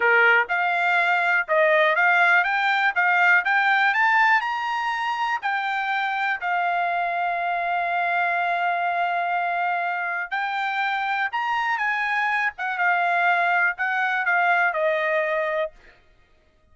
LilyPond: \new Staff \with { instrumentName = "trumpet" } { \time 4/4 \tempo 4 = 122 ais'4 f''2 dis''4 | f''4 g''4 f''4 g''4 | a''4 ais''2 g''4~ | g''4 f''2.~ |
f''1~ | f''4 g''2 ais''4 | gis''4. fis''8 f''2 | fis''4 f''4 dis''2 | }